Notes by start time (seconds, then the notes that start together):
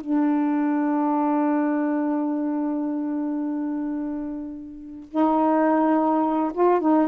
0.00 D4
5.10 D#4
6.54 F4
6.80 D#4